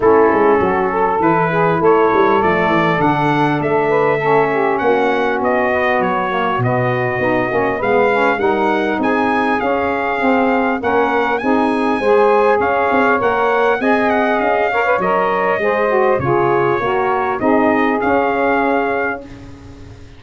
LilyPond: <<
  \new Staff \with { instrumentName = "trumpet" } { \time 4/4 \tempo 4 = 100 a'2 b'4 cis''4 | d''4 fis''4 e''2 | fis''4 dis''4 cis''4 dis''4~ | dis''4 f''4 fis''4 gis''4 |
f''2 fis''4 gis''4~ | gis''4 f''4 fis''4 gis''8 fis''8 | f''4 dis''2 cis''4~ | cis''4 dis''4 f''2 | }
  \new Staff \with { instrumentName = "saxophone" } { \time 4/4 e'4 fis'8 a'4 gis'8 a'4~ | a'2~ a'8 b'8 a'8 g'8 | fis'1~ | fis'4 b'4 ais'4 gis'4~ |
gis'2 ais'4 gis'4 | c''4 cis''2 dis''4~ | dis''8 cis''4. c''4 gis'4 | ais'4 gis'2. | }
  \new Staff \with { instrumentName = "saxophone" } { \time 4/4 cis'2 e'2 | a4 d'2 cis'4~ | cis'4. b4 ais8 b4 | dis'8 cis'8 b8 cis'8 dis'2 |
cis'4 c'4 cis'4 dis'4 | gis'2 ais'4 gis'4~ | gis'8 ais'16 b'16 ais'4 gis'8 fis'8 f'4 | fis'4 dis'4 cis'2 | }
  \new Staff \with { instrumentName = "tuba" } { \time 4/4 a8 gis8 fis4 e4 a8 g8 | f8 e8 d4 a2 | ais4 b4 fis4 b,4 | b8 ais8 gis4 g4 c'4 |
cis'4 c'4 ais4 c'4 | gis4 cis'8 c'8 ais4 c'4 | cis'4 fis4 gis4 cis4 | ais4 c'4 cis'2 | }
>>